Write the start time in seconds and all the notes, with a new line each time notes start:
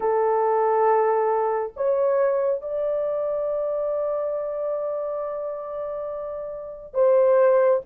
0.00 A4
1.76 C#5
2.61 D5
6.94 C5